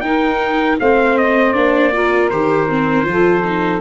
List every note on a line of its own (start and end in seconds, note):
0.00 0.77 D#4
0.00 0.80 D#4
0.00 0.79 A#4
0.00 0.76 G5
0.79 1.55 A3
0.79 1.54 C4
0.79 1.93 C5
0.79 1.17 F5
1.17 1.52 D#5
1.52 2.30 A#3
1.52 1.92 D4
1.52 2.28 D5
1.93 2.31 F4
1.93 3.07 A#4
2.29 3.06 D#3
2.29 2.69 G4
2.29 3.81 C5
2.69 3.03 C4
3.03 3.81 F3
3.03 3.41 F4
3.03 3.81 A4
3.44 3.81 D#4